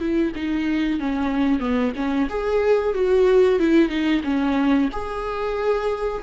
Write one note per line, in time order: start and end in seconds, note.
0.00 0.33 E4
0.35 1.00 D#4
1.00 1.60 C#4
1.60 1.93 B3
1.96 2.29 C#4
2.29 2.94 G#4
2.94 3.59 F#4
3.60 3.89 E4
3.89 4.22 D#4
4.24 4.89 C#4
4.92 6.23 G#4